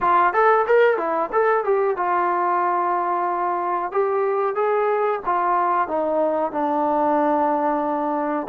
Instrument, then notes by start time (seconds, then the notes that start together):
trombone
0.00 F4
0.33 A4
0.66 A#4
0.97 E4
1.32 A4
1.64 G4
1.96 F4
3.91 G4
4.55 G#4
5.25 F4
5.88 D#4
6.51 D4